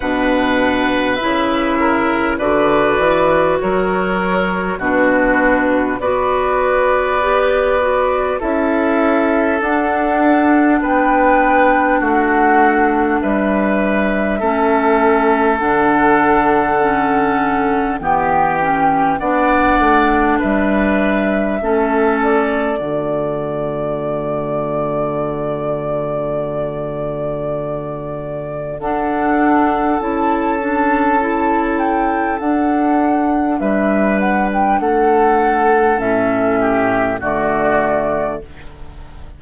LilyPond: <<
  \new Staff \with { instrumentName = "flute" } { \time 4/4 \tempo 4 = 50 fis''4 e''4 d''4 cis''4 | b'4 d''2 e''4 | fis''4 g''4 fis''4 e''4~ | e''4 fis''2 g''4 |
fis''4 e''4. d''4.~ | d''1 | fis''4 a''4. g''8 fis''4 | e''8 fis''16 g''16 fis''4 e''4 d''4 | }
  \new Staff \with { instrumentName = "oboe" } { \time 4/4 b'4. ais'8 b'4 ais'4 | fis'4 b'2 a'4~ | a'4 b'4 fis'4 b'4 | a'2. g'4 |
d''4 b'4 a'4 fis'4~ | fis'1 | a'1 | b'4 a'4. g'8 fis'4 | }
  \new Staff \with { instrumentName = "clarinet" } { \time 4/4 d'4 e'4 fis'2 | d'4 fis'4 g'8 fis'8 e'4 | d'1 | cis'4 d'4 cis'4 b8 cis'8 |
d'2 cis'4 a4~ | a1 | d'4 e'8 d'8 e'4 d'4~ | d'2 cis'4 a4 | }
  \new Staff \with { instrumentName = "bassoon" } { \time 4/4 b,4 cis4 d8 e8 fis4 | b,4 b2 cis'4 | d'4 b4 a4 g4 | a4 d2 e4 |
b8 a8 g4 a4 d4~ | d1 | d'4 cis'2 d'4 | g4 a4 a,4 d4 | }
>>